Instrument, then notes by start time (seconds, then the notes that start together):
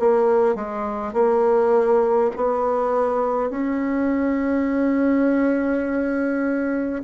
bassoon
0.00 A#3
0.56 G#3
1.13 A#3
2.36 B3
3.50 C#4